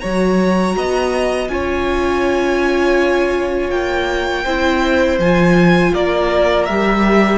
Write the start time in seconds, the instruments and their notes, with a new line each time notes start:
0.00 cello F#3, viola F#4, violin C#5 A#5
0.77 cello B3, violin D#5
1.48 cello C#4, viola F4, violin C#5 G#5
3.70 cello A#3, violin G5
4.44 cello C4, viola E4, violin C5
5.19 cello F3, viola F4, violin G#5
5.93 cello A#3, violin A#4 D5
6.65 cello G3, viola G4, violin E5